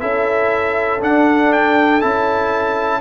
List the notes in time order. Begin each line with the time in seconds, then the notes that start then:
0.00 C#4 E4 A4 E5
1.01 D4 F#5
1.52 G5
2.01 C#4 E4 A5